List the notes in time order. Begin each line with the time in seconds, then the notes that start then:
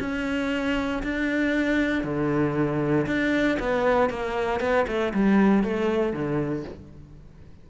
0.00 C#4
1.03 D4
2.03 D3
3.07 D4
3.59 B3
4.10 A#3
4.60 B3
4.87 A3
5.14 G3
5.64 A3
6.13 D3